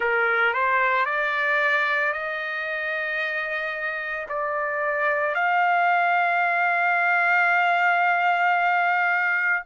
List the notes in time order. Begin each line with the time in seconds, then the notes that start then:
0.00 A#4
0.54 C5
1.05 D5
2.12 D#5
4.29 D5
5.35 F5